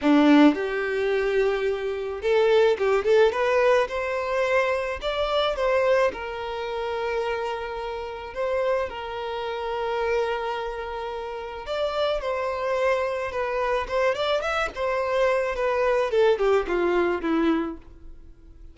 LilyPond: \new Staff \with { instrumentName = "violin" } { \time 4/4 \tempo 4 = 108 d'4 g'2. | a'4 g'8 a'8 b'4 c''4~ | c''4 d''4 c''4 ais'4~ | ais'2. c''4 |
ais'1~ | ais'4 d''4 c''2 | b'4 c''8 d''8 e''8 c''4. | b'4 a'8 g'8 f'4 e'4 | }